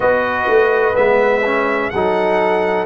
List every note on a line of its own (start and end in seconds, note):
0.00 0.48 B3
0.00 0.94 F#4
0.00 1.92 B4
0.00 0.95 D#5
0.48 0.95 A3
0.94 1.92 G#3
0.94 1.41 B3
0.94 1.89 E5
1.45 1.92 C#4
1.89 2.86 F#3
1.89 2.86 D#4
1.89 2.86 A4
1.89 2.85 F#5